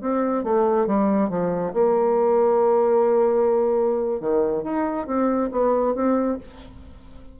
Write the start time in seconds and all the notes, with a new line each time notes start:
0.00 C4
0.43 A3
0.86 G3
1.29 F3
1.73 A#3
4.20 D#3
4.63 D#4
5.06 C4
5.51 B3
5.94 C4